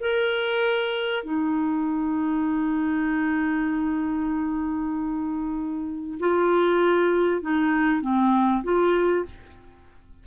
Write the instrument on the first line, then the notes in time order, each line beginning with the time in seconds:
clarinet
0.00 A#4
1.24 D#4
6.20 F4
7.42 D#4
8.01 C4
8.63 F4